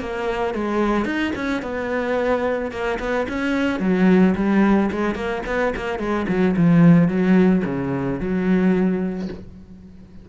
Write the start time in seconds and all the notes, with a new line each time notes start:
0.00 A#3
0.54 G#3
1.05 D#4
1.35 C#4
1.62 B3
2.71 A#3
2.99 B3
3.29 C#4
3.80 F#3
4.35 G3
4.91 G#3
5.15 A#3
5.46 B3
5.76 A#3
5.99 G#3
6.28 F#3
6.57 F3
7.08 F#3
7.65 C#3
8.19 F#3